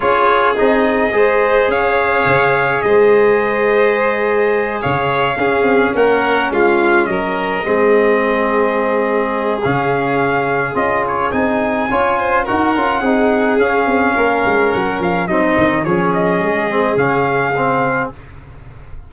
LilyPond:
<<
  \new Staff \with { instrumentName = "trumpet" } { \time 4/4 \tempo 4 = 106 cis''4 dis''2 f''4~ | f''4 dis''2.~ | dis''8 f''2 fis''4 f''8~ | f''8 dis''2.~ dis''8~ |
dis''4 f''2 dis''8 cis''8 | gis''2 fis''2 | f''2 fis''8 f''8 dis''4 | cis''8 dis''4. f''2 | }
  \new Staff \with { instrumentName = "violin" } { \time 4/4 gis'2 c''4 cis''4~ | cis''4 c''2.~ | c''8 cis''4 gis'4 ais'4 f'8~ | f'8 ais'4 gis'2~ gis'8~ |
gis'1~ | gis'4 cis''8 c''8 ais'4 gis'4~ | gis'4 ais'2 dis'4 | gis'1 | }
  \new Staff \with { instrumentName = "trombone" } { \time 4/4 f'4 dis'4 gis'2~ | gis'1~ | gis'4. cis'2~ cis'8~ | cis'4. c'2~ c'8~ |
c'4 cis'2 f'4 | dis'4 f'4 fis'8 f'8 dis'4 | cis'2. c'4 | cis'4. c'8 cis'4 c'4 | }
  \new Staff \with { instrumentName = "tuba" } { \time 4/4 cis'4 c'4 gis4 cis'4 | cis4 gis2.~ | gis8 cis4 cis'8 c'8 ais4 gis8~ | gis8 fis4 gis2~ gis8~ |
gis4 cis2 cis'4 | c'4 cis'4 dis'8 cis'8 c'4 | cis'8 c'8 ais8 gis8 fis8 f8 fis8 dis8 | f4 gis4 cis2 | }
>>